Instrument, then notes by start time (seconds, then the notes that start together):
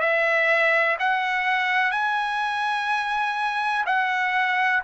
trumpet
0.00 E5
0.99 F#5
1.91 G#5
3.86 F#5